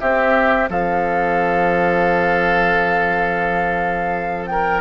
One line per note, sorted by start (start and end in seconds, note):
0.00 4.81 C4
0.00 0.70 C4
0.00 0.70 G4
0.00 0.69 E5
0.70 4.81 F3
0.70 4.50 A4
0.70 4.46 F5
4.46 4.81 A#4
4.46 4.81 G5